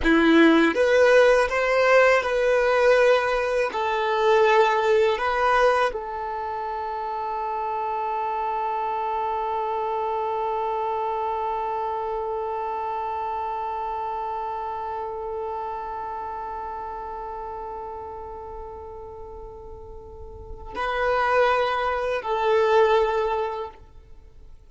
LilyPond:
\new Staff \with { instrumentName = "violin" } { \time 4/4 \tempo 4 = 81 e'4 b'4 c''4 b'4~ | b'4 a'2 b'4 | a'1~ | a'1~ |
a'1~ | a'1~ | a'1 | b'2 a'2 | }